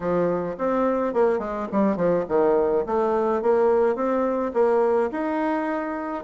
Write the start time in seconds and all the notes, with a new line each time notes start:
0.00 F3
0.58 C4
1.13 A#3
1.38 G#3
1.71 G3
1.96 F3
2.28 D#3
2.86 A3
3.42 A#3
3.95 C4
4.53 A#3
5.11 D#4